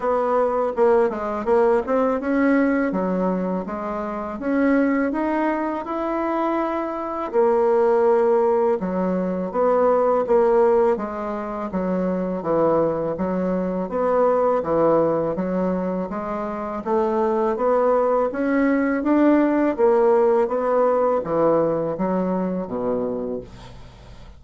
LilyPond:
\new Staff \with { instrumentName = "bassoon" } { \time 4/4 \tempo 4 = 82 b4 ais8 gis8 ais8 c'8 cis'4 | fis4 gis4 cis'4 dis'4 | e'2 ais2 | fis4 b4 ais4 gis4 |
fis4 e4 fis4 b4 | e4 fis4 gis4 a4 | b4 cis'4 d'4 ais4 | b4 e4 fis4 b,4 | }